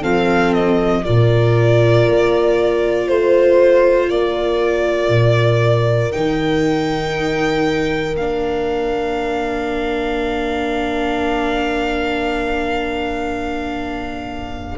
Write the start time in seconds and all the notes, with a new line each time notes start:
0.00 F3 C4 A4 F5
0.54 D#5
1.04 A#2 F4 A#4 D5
2.07 A#3
3.07 A3 C5
4.10 A#3 A#4 D5
5.08 A#2
6.12 D#3 D#4 G5
8.15 A#3 D4 F5